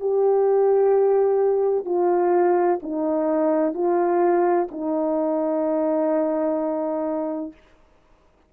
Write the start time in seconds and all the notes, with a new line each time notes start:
0.00 G4
1.85 F4
2.82 D#4
3.74 F4
4.71 D#4